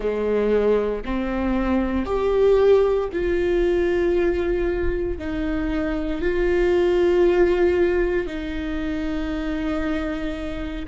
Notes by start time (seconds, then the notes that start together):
0.00 G#3
1.04 C4
2.05 G4
3.12 F4
5.18 D#4
6.21 F4
8.26 D#4